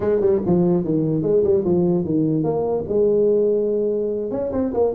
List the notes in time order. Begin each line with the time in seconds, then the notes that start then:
0.00 G#3
0.20 G3
0.46 F3
0.84 D#3
1.22 G#3
1.43 G3
1.64 F3
2.05 D#3
2.43 A#3
2.88 G#3
4.31 C#4
4.52 C4
4.73 A#3